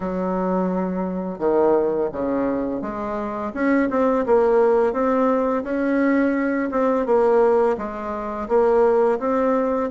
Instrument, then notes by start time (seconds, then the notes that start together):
bassoon
0.00 F#3
1.39 D#3
2.12 C#3
2.81 G#3
3.54 C#4
3.90 C4
4.25 A#3
4.92 C4
5.63 C#4
6.71 C4
7.06 A#3
7.77 G#3
8.48 A#3
9.19 C4